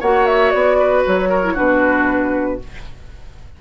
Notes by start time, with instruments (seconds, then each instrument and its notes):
0.00 bassoon A#3, clarinet F#4, oboe C#5, flute F#5
0.26 flute E5
0.50 bassoon B3, flute D5
0.79 oboe B4
1.06 bassoon F#3, flute C#5
1.29 oboe A#4
1.43 clarinet E4
1.54 bassoon B2, clarinet D4, oboe F#4, flute B4